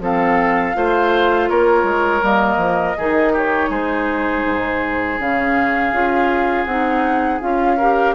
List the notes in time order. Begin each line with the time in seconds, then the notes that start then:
0.00 F3 C4 A4 F5
0.75 A3 F4 C5
1.50 A#3 A#4 C#5
1.84 G#3
2.22 G3 A#3 D#5
2.57 F3
2.98 D#3 D#4 G#4
3.33 G4 C#5
3.70 G#3 G#4 C5
4.46 G#2
5.19 C#3 C#4 F5
5.93 C#4 F4
6.66 C4 D#4 F#5
7.41 C#4 F4 F5
7.78 G4 A#4